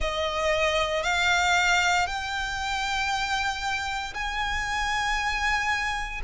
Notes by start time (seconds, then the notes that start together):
0.00 D#5
1.03 F5
2.06 G5
4.14 G#5